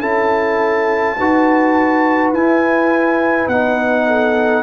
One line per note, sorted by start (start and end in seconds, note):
0.00 1.17 C#4
0.00 1.17 E4
0.00 1.15 A4
0.00 2.31 A5
1.18 2.32 D#4
1.18 2.36 F#4
1.18 4.06 B4
2.32 3.47 E4
2.32 3.51 E4
2.32 3.49 G#5
3.48 4.63 B3
3.48 4.63 D#4
3.48 4.63 F#5
4.06 4.63 A4